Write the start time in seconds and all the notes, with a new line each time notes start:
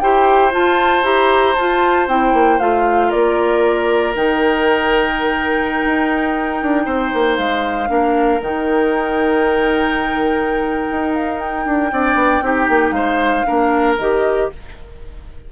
0.00 E4 G4 C5 G5
0.52 F4 A5
1.03 E4 G4 A#5
1.56 F4 A5
2.08 C4 E4 G5
2.34 A#3
2.60 A3 F4 F5
3.09 A#3 A#4 D5
4.15 D#3 D#4 G5
5.85 D#4
6.63 D4
6.85 C4 C5
7.14 A#3
7.37 G#3 F5
7.88 A#3 D4 A#4
8.41 D#3 D#4 G5
10.91 D#4
11.15 F5
11.40 G5
11.66 D4
11.92 C4 D4 D5
12.15 B3
12.42 C4 D#4 G4
12.69 A#3
12.91 G#3 C5 F5
13.45 A#3 D4 A#4
13.99 D#3 G4 D#5